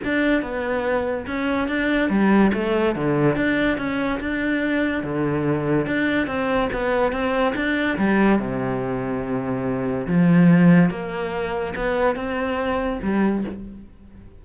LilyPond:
\new Staff \with { instrumentName = "cello" } { \time 4/4 \tempo 4 = 143 d'4 b2 cis'4 | d'4 g4 a4 d4 | d'4 cis'4 d'2 | d2 d'4 c'4 |
b4 c'4 d'4 g4 | c1 | f2 ais2 | b4 c'2 g4 | }